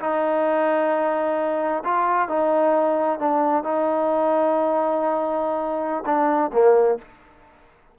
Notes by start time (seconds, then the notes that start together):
0.00 D#4
1.84 F4
2.28 D#4
3.19 D4
3.63 D#4
6.05 D4
6.52 A#3